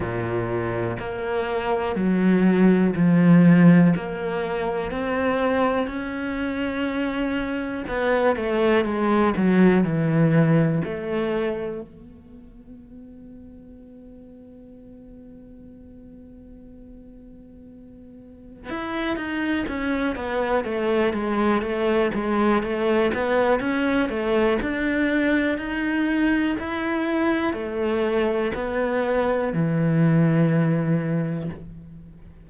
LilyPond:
\new Staff \with { instrumentName = "cello" } { \time 4/4 \tempo 4 = 61 ais,4 ais4 fis4 f4 | ais4 c'4 cis'2 | b8 a8 gis8 fis8 e4 a4 | b1~ |
b2. e'8 dis'8 | cis'8 b8 a8 gis8 a8 gis8 a8 b8 | cis'8 a8 d'4 dis'4 e'4 | a4 b4 e2 | }